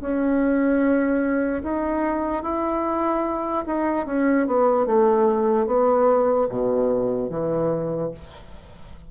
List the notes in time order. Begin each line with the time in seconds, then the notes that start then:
0.00 C#4
1.63 D#4
2.43 E4
3.66 D#4
4.06 C#4
4.47 B3
4.86 A3
5.66 B3
6.49 B2
7.30 E3